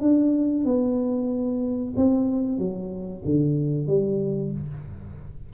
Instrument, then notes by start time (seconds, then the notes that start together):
tuba
0.00 D4
0.65 B3
1.96 C4
2.58 F#3
3.25 D3
3.87 G3